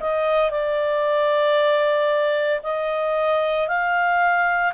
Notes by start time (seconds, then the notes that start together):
0.00 D#5
0.50 D5
2.63 D#5
3.67 F5